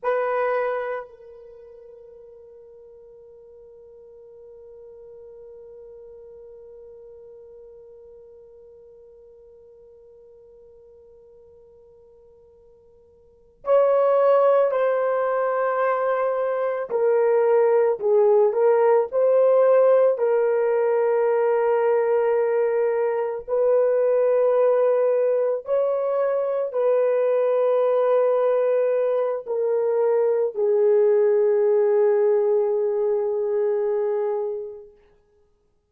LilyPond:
\new Staff \with { instrumentName = "horn" } { \time 4/4 \tempo 4 = 55 b'4 ais'2.~ | ais'1~ | ais'1~ | ais'8 cis''4 c''2 ais'8~ |
ais'8 gis'8 ais'8 c''4 ais'4.~ | ais'4. b'2 cis''8~ | cis''8 b'2~ b'8 ais'4 | gis'1 | }